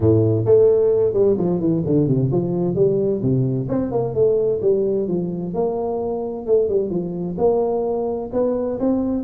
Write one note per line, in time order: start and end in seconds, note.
0.00 0.45 A2
0.45 1.13 A3
1.13 1.36 G3
1.37 1.60 F3
1.60 1.83 E3
1.85 2.07 D3
2.07 2.30 C3
2.31 2.75 F3
2.75 3.21 G3
3.22 3.68 C3
3.68 3.91 C4
3.91 4.14 A#3
4.14 4.60 A3
4.61 5.07 G3
5.08 5.54 F3
5.54 6.46 A#3
6.46 6.69 A3
6.69 6.90 G3
6.90 7.36 F3
7.38 8.30 A#3
8.33 8.79 B3
8.79 9.23 C4